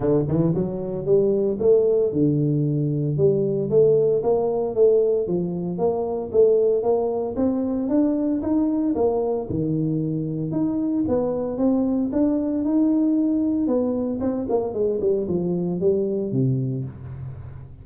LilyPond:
\new Staff \with { instrumentName = "tuba" } { \time 4/4 \tempo 4 = 114 d8 e8 fis4 g4 a4 | d2 g4 a4 | ais4 a4 f4 ais4 | a4 ais4 c'4 d'4 |
dis'4 ais4 dis2 | dis'4 b4 c'4 d'4 | dis'2 b4 c'8 ais8 | gis8 g8 f4 g4 c4 | }